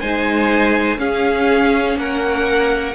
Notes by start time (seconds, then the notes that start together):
0.00 G#3 D#4 C5 G#5
0.98 C#4 G#4 F5
1.96 A#3 A#4 F#5